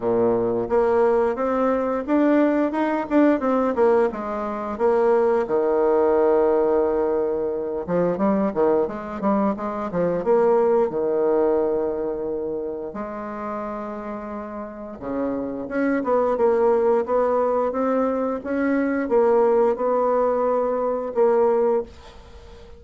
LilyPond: \new Staff \with { instrumentName = "bassoon" } { \time 4/4 \tempo 4 = 88 ais,4 ais4 c'4 d'4 | dis'8 d'8 c'8 ais8 gis4 ais4 | dis2.~ dis8 f8 | g8 dis8 gis8 g8 gis8 f8 ais4 |
dis2. gis4~ | gis2 cis4 cis'8 b8 | ais4 b4 c'4 cis'4 | ais4 b2 ais4 | }